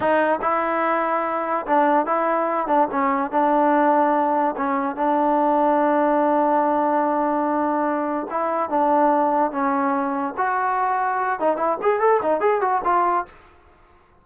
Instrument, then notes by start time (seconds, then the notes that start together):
trombone
0.00 D#4
0.41 E4
1.66 D4
2.06 E4
2.67 D4
2.91 C#4
3.31 D4
4.56 C#4
4.96 D4
8.30 E4
8.69 D4
9.51 C#4
10.37 F#4
11.39 D#4
11.56 E4
11.82 G#4
12.00 A4
12.22 D#4
12.40 G#4
12.61 F#4
12.84 F4